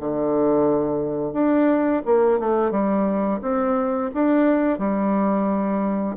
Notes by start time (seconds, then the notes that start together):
0.00 D3
1.33 D4
2.06 A#3
2.39 A3
2.71 G3
3.42 C4
4.14 D4
4.79 G3